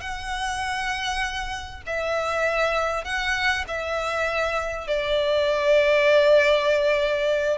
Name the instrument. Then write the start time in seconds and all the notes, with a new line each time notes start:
violin
0.00 F#5
1.86 E5
3.04 F#5
3.67 E5
4.87 D5